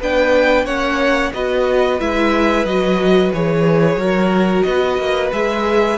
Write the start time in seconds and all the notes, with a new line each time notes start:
0.00 B3 D4 B4 G5
0.65 A#3 C#4 C#5 F#5
1.32 B3 F#4 B4 D#5
1.99 G#3 E4 E5
2.65 F#3 F#4 D#5
3.33 E3 G#4 C#5
3.95 F#3 F#4 A#4
4.62 B3 B4 D#5
4.98 A#3
5.32 G#3 G#4 E5